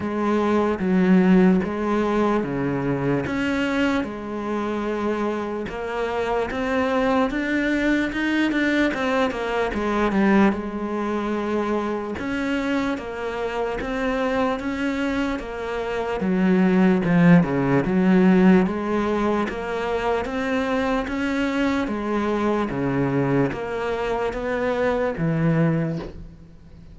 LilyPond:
\new Staff \with { instrumentName = "cello" } { \time 4/4 \tempo 4 = 74 gis4 fis4 gis4 cis4 | cis'4 gis2 ais4 | c'4 d'4 dis'8 d'8 c'8 ais8 | gis8 g8 gis2 cis'4 |
ais4 c'4 cis'4 ais4 | fis4 f8 cis8 fis4 gis4 | ais4 c'4 cis'4 gis4 | cis4 ais4 b4 e4 | }